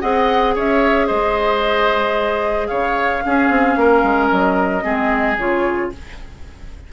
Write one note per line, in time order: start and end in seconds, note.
0.00 0.56 C4
0.00 3.23 G#4
0.00 0.54 D#5
0.00 0.54 F#5
0.54 1.09 C#4
0.54 1.07 C#5
0.54 1.07 E5
1.07 2.70 G#3
1.07 2.67 C5
1.07 2.67 D#5
2.67 3.24 C#3
2.67 3.23 C#5
2.67 4.27 F5
3.24 4.82 C#4
3.24 3.49 C#4
3.24 3.79 G#4
3.49 3.76 C4
3.76 4.03 A#3
3.76 4.83 A#4
4.03 4.29 G#3
4.29 4.84 F#3
4.29 5.37 D#5
4.82 5.37 G#3
4.82 5.35 C4
4.82 5.91 G#4
5.37 5.91 C#3
5.37 5.92 F4
5.37 5.91 C#5